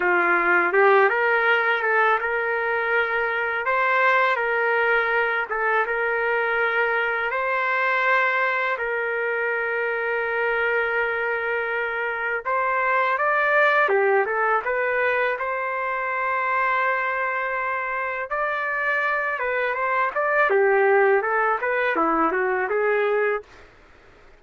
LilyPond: \new Staff \with { instrumentName = "trumpet" } { \time 4/4 \tempo 4 = 82 f'4 g'8 ais'4 a'8 ais'4~ | ais'4 c''4 ais'4. a'8 | ais'2 c''2 | ais'1~ |
ais'4 c''4 d''4 g'8 a'8 | b'4 c''2.~ | c''4 d''4. b'8 c''8 d''8 | g'4 a'8 b'8 e'8 fis'8 gis'4 | }